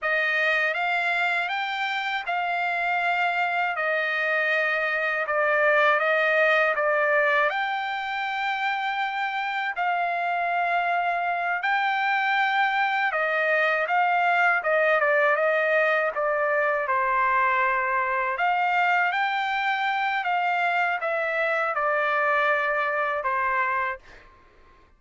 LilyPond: \new Staff \with { instrumentName = "trumpet" } { \time 4/4 \tempo 4 = 80 dis''4 f''4 g''4 f''4~ | f''4 dis''2 d''4 | dis''4 d''4 g''2~ | g''4 f''2~ f''8 g''8~ |
g''4. dis''4 f''4 dis''8 | d''8 dis''4 d''4 c''4.~ | c''8 f''4 g''4. f''4 | e''4 d''2 c''4 | }